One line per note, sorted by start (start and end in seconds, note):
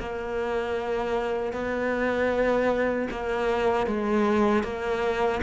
0.00 1.53 A#3
1.53 3.09 B3
3.11 3.87 A#3
3.87 4.64 G#3
4.64 5.42 A#3